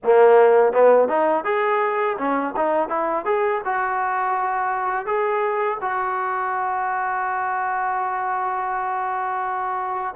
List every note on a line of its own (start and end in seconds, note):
0.03 0.72 A#3
0.72 1.08 B3
1.08 1.44 D#4
1.44 2.16 G#4
2.18 2.54 C#4
2.56 2.88 D#4
2.88 3.25 E4
3.25 3.61 G#4
3.64 5.05 F#4
5.05 5.78 G#4
5.81 10.14 F#4